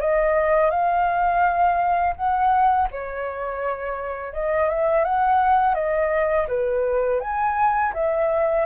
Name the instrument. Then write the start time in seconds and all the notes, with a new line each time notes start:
flute
0.00 D#5
0.70 F5
2.16 F#5
2.91 C#5
4.33 D#5
4.69 E5
5.04 F#5
5.74 D#5
6.48 B4
7.20 G#5
7.93 E5